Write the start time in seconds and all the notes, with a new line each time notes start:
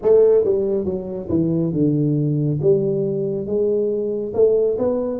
0.02 A3
0.44 G3
0.85 F#3
1.29 E3
1.72 D3
2.61 G3
3.46 G#3
4.34 A3
4.78 B3